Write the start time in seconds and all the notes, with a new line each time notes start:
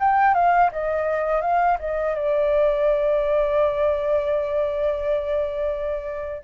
0.00 G5
0.34 F5
0.72 D#5
1.42 F5
1.79 D#5
2.15 D5